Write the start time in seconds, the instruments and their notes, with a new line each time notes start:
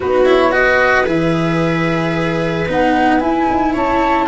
0.00 tuba B3, cello D#4, viola F#4, flute B4
0.25 cello E4, flute C#5
0.51 cello F#4, viola B4, flute D#5
1.06 tuba E3, cello G#4, flute E5
2.68 tuba B3, cello D#4, flute F#5
3.19 cello E4, tuba E4, flute G#5
3.50 tuba D#4
3.73 tuba C#4, viola C#5, flute A5